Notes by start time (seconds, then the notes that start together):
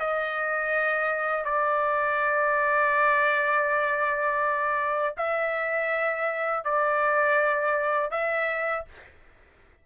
0.00 D#5
1.45 D5
5.18 E5
6.65 D5
8.11 E5